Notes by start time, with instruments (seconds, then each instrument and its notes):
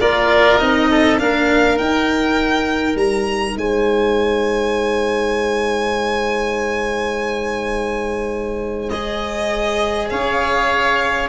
0.00 tuba A#3, cello F4, oboe A#4, violin D5
0.57 tuba C4, cello D#4, violin D#5
0.90 oboe A4
1.18 tuba A#3, cello D4, oboe A#4, violin F5
1.77 cello D#4, tuba D#4, violin G5
2.95 tuba G3, violin A#5
3.57 tuba G#3, oboe C5, violin G#5
8.89 cello G#4, violin D#5
10.10 tuba C#4, oboe C#5, violin F5